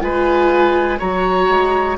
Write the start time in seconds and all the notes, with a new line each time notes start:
0.00 G#3 F4 B4 G#5
0.98 F#3 F#4 C#5 A#5
1.49 G#3